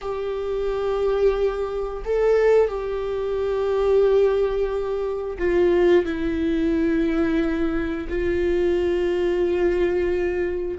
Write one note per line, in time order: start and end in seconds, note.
0.01 2.03 G4
2.04 2.68 A4
2.68 5.37 G4
5.38 6.05 F4
6.05 8.07 E4
8.08 10.78 F4